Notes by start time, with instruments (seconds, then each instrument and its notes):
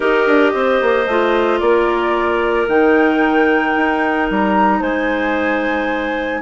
0.00 bassoon D#4, clarinet G4 A#4, flute D#5
0.26 bassoon D4
0.53 bassoon C4, clarinet C5
0.81 bassoon A#3
1.06 bassoon A3, clarinet F4
1.59 bassoon A#3, clarinet A#4, flute D5
2.67 bassoon D#3, clarinet D#4, flute G5
3.76 bassoon D#4
4.30 bassoon G3, flute A#5
4.79 bassoon G#3, clarinet C5, flute G#5